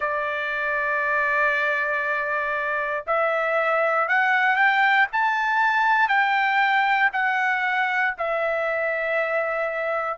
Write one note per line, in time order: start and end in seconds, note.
0.00 3.04 D5
3.06 4.08 E5
4.08 4.56 F#5
4.56 5.07 G5
5.12 6.08 A5
6.08 7.10 G5
7.12 8.14 F#5
8.18 10.17 E5